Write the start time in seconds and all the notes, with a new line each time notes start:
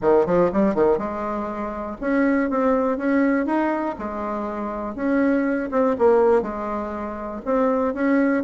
0.01 D#3
0.25 F3
0.52 G3
0.75 D#3
0.97 G#3
2.01 C#4
2.50 C4
2.97 C#4
3.46 D#4
3.98 G#3
4.95 C#4
5.71 C4
5.98 A#3
6.42 G#3
7.45 C4
7.94 C#4